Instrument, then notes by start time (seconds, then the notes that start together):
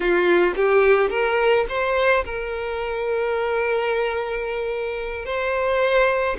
violin
0.00 F4
0.56 G4
1.10 A#4
1.68 C5
2.24 A#4
5.25 C5